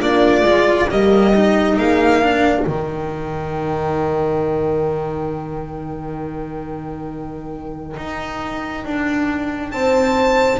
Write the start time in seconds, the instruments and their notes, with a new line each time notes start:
0.00 double bass A#3, cello D4, horn F4, violin D5
0.43 double bass G#3, cello F4
0.90 double bass G3, cello A#3, horn G4, violin D#5
1.35 cello D#4
1.77 double bass A#3, horn G#4, violin F5
2.20 cello D4, horn A#4
2.65 double bass D#3, cello D#4, violin G5
7.97 double bass D#4
8.85 double bass D4
9.72 double bass C4, horn C5, violin A5